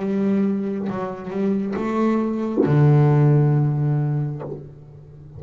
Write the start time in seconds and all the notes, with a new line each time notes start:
0.00 G3
0.90 F#3
1.30 G3
1.76 A3
2.66 D3